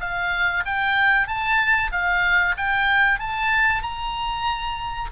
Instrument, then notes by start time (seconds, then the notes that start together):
oboe
0.00 F5
0.65 G5
1.27 A5
1.91 F5
2.57 G5
3.19 A5
3.82 A#5